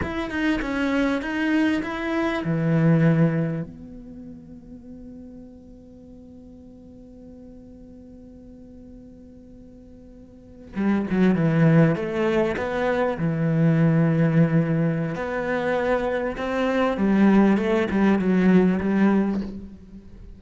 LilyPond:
\new Staff \with { instrumentName = "cello" } { \time 4/4 \tempo 4 = 99 e'8 dis'8 cis'4 dis'4 e'4 | e2 b2~ | b1~ | b1~ |
b4.~ b16 g8 fis8 e4 a16~ | a8. b4 e2~ e16~ | e4 b2 c'4 | g4 a8 g8 fis4 g4 | }